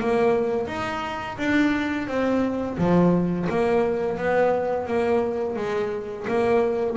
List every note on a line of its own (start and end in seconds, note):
0.00 0.67 A#3
0.67 1.37 D#4
1.37 2.07 D4
2.07 2.77 C4
2.78 3.48 F3
3.49 4.18 A#3
4.18 4.87 B3
4.87 5.56 A#3
5.56 6.25 G#3
6.28 6.96 A#3